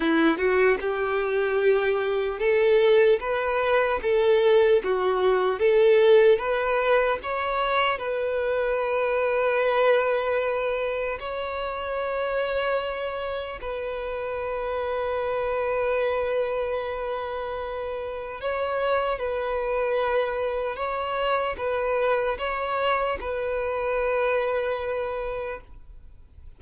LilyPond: \new Staff \with { instrumentName = "violin" } { \time 4/4 \tempo 4 = 75 e'8 fis'8 g'2 a'4 | b'4 a'4 fis'4 a'4 | b'4 cis''4 b'2~ | b'2 cis''2~ |
cis''4 b'2.~ | b'2. cis''4 | b'2 cis''4 b'4 | cis''4 b'2. | }